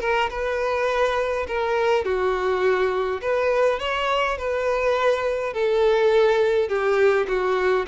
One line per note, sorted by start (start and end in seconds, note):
0.00 0.29 A#4
0.30 1.46 B4
1.47 2.04 A#4
2.04 3.21 F#4
3.21 3.79 B4
3.79 4.37 C#5
4.37 5.53 B4
5.53 6.68 A4
6.68 7.27 G4
7.27 7.86 F#4